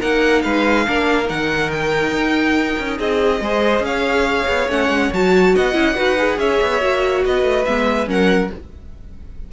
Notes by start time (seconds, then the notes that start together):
0.00 A#3 D#4 A#4 F#5
0.42 G#3 B4 F5
0.87 A#3 D4 A#4
1.25 D#3 D#4 F#5
1.71 G5
2.12 D#4
2.79 C#4
2.98 C4 G#4 D#5
3.41 G#3 G#4 C5
3.80 C#4 F5
3.87 C#5
4.48 B3
4.69 A3 C#4 F#5
4.89 G#3
5.13 F#3 F#4 A5
5.55 B3 D#5 F#5
5.73 C#4 E4
5.96 D#4 F#4 B4
6.18 G#4
6.38 C#4 C#5 E5
6.62 B3
6.81 A#3 F#4
7.26 B3 B4 D#5
7.43 A3
7.65 G#3 B3 E5
8.07 F#3 C#4 A#4 F#5